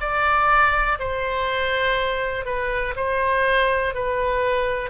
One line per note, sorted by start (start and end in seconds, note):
0.00 0.98 D5
0.99 2.45 C5
2.45 2.94 B4
2.96 3.94 C5
3.94 4.90 B4